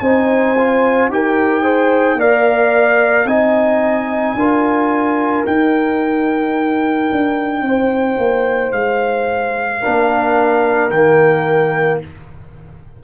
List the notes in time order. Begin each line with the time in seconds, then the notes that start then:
0.00 C4 D#4 C5 G#5
0.58 F4
1.08 D#4 G4 A#4 G5
1.63 G#4 C5
2.15 A#3 A#4 D5 F5
3.25 C4 D#4 D#5 G#5
4.35 D4 F4 A#4
5.46 D#4 G5
7.12 D4
7.62 C4 C5
8.18 A#3
8.72 G#3 F5
9.81 A#3 D4 A#4
10.90 D#3 A#3 G5